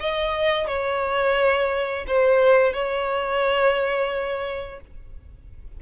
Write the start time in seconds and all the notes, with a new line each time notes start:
0.00 D#5
0.67 C#5
2.07 C5
2.74 C#5